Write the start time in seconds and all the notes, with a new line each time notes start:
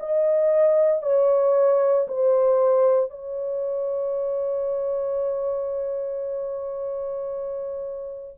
0.00 D#5
1.02 C#5
2.08 C5
3.11 C#5